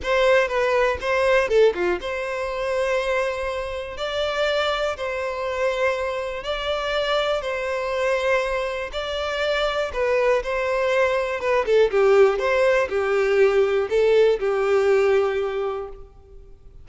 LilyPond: \new Staff \with { instrumentName = "violin" } { \time 4/4 \tempo 4 = 121 c''4 b'4 c''4 a'8 f'8 | c''1 | d''2 c''2~ | c''4 d''2 c''4~ |
c''2 d''2 | b'4 c''2 b'8 a'8 | g'4 c''4 g'2 | a'4 g'2. | }